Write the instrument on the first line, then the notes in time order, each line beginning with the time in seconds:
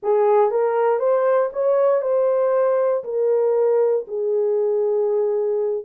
horn
0.03 G#4
0.50 A#4
0.99 C5
1.53 C#5
2.01 C5
3.04 A#4
4.07 G#4